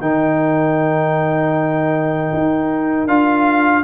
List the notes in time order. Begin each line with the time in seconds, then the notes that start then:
0.00 D#3 D#4 A#4 G5
2.33 D#4
3.07 D4 F4 F5